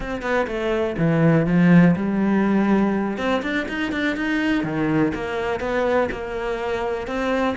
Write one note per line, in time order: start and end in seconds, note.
0.00 0.22 C4
0.22 0.46 B3
0.47 0.96 A3
0.97 1.46 E3
1.46 1.95 F3
1.96 3.17 G3
3.17 3.42 C4
3.42 3.66 D4
3.68 3.92 D#4
3.92 4.16 D4
4.16 4.63 D#4
4.63 5.12 D#3
5.14 5.60 A#3
5.60 6.08 B3
6.11 7.07 A#3
7.07 7.55 C4